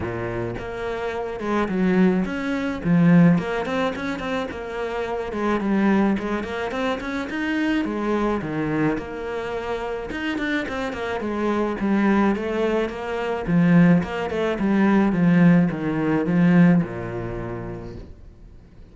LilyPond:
\new Staff \with { instrumentName = "cello" } { \time 4/4 \tempo 4 = 107 ais,4 ais4. gis8 fis4 | cis'4 f4 ais8 c'8 cis'8 c'8 | ais4. gis8 g4 gis8 ais8 | c'8 cis'8 dis'4 gis4 dis4 |
ais2 dis'8 d'8 c'8 ais8 | gis4 g4 a4 ais4 | f4 ais8 a8 g4 f4 | dis4 f4 ais,2 | }